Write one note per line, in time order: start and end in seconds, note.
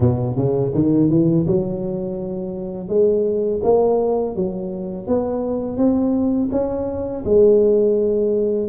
0.00 0.35 B2
0.35 0.72 C#3
0.74 1.10 D#3
1.10 1.46 E3
1.46 2.88 F#3
2.88 3.60 G#3
3.63 4.35 A#3
4.35 5.07 F#3
5.07 5.77 B3
5.77 6.49 C4
6.51 7.24 C#4
7.25 8.68 G#3